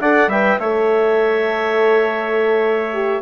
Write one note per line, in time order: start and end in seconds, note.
0.00 0.27 D4
0.00 0.31 A4
0.00 0.29 D5
0.00 0.30 F#5
0.27 0.57 G3
0.27 0.61 B4
0.27 0.59 E5
0.27 0.59 G5
0.58 3.22 A3
0.58 2.93 A4
0.58 3.22 C#5
0.58 3.22 E5
2.93 3.22 G4